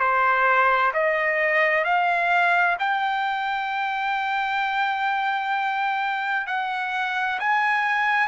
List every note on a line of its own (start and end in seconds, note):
0.00 0.92 C5
0.94 1.85 D#5
1.85 2.77 F5
2.80 6.47 G5
6.47 7.39 F#5
7.40 8.28 G#5